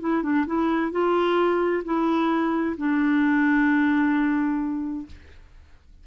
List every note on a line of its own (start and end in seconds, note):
0.00 0.22 E4
0.22 0.45 D4
0.46 0.92 E4
0.92 1.83 F4
1.84 2.76 E4
2.77 5.06 D4